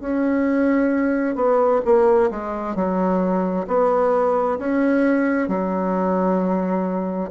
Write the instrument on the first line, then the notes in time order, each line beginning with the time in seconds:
bassoon
0.00 C#4
1.35 B3
1.85 A#3
2.31 G#3
2.75 F#3
3.67 B3
4.58 C#4
5.48 F#3